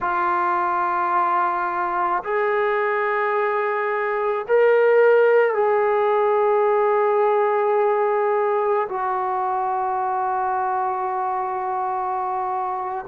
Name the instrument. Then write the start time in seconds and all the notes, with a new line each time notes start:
trombone
0.01 F4
2.23 G#4
4.47 A#4
5.54 G#4
8.88 F#4